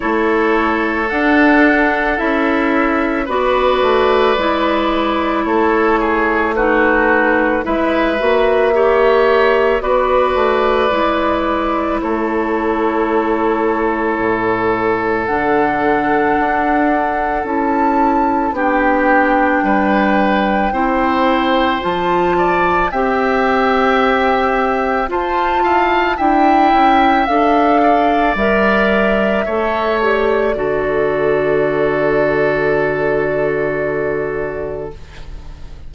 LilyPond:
<<
  \new Staff \with { instrumentName = "flute" } { \time 4/4 \tempo 4 = 55 cis''4 fis''4 e''4 d''4~ | d''4 cis''4 b'4 e''4~ | e''4 d''2 cis''4~ | cis''2 fis''2 |
a''4 g''2. | a''4 g''2 a''4 | g''4 f''4 e''4. d''8~ | d''1 | }
  \new Staff \with { instrumentName = "oboe" } { \time 4/4 a'2. b'4~ | b'4 a'8 gis'8 fis'4 b'4 | cis''4 b'2 a'4~ | a'1~ |
a'4 g'4 b'4 c''4~ | c''8 d''8 e''2 c''8 f''8 | e''4. d''4. cis''4 | a'1 | }
  \new Staff \with { instrumentName = "clarinet" } { \time 4/4 e'4 d'4 e'4 fis'4 | e'2 dis'4 e'8 fis'8 | g'4 fis'4 e'2~ | e'2 d'2 |
e'4 d'2 e'4 | f'4 g'2 f'4 | e'4 a'4 ais'4 a'8 g'8 | fis'1 | }
  \new Staff \with { instrumentName = "bassoon" } { \time 4/4 a4 d'4 cis'4 b8 a8 | gis4 a2 gis8 ais8~ | ais4 b8 a8 gis4 a4~ | a4 a,4 d4 d'4 |
cis'4 b4 g4 c'4 | f4 c'2 f'8 e'8 | d'8 cis'8 d'4 g4 a4 | d1 | }
>>